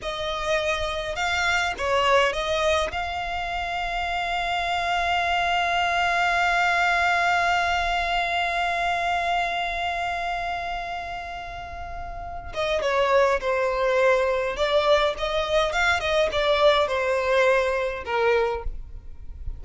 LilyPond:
\new Staff \with { instrumentName = "violin" } { \time 4/4 \tempo 4 = 103 dis''2 f''4 cis''4 | dis''4 f''2.~ | f''1~ | f''1~ |
f''1~ | f''4. dis''8 cis''4 c''4~ | c''4 d''4 dis''4 f''8 dis''8 | d''4 c''2 ais'4 | }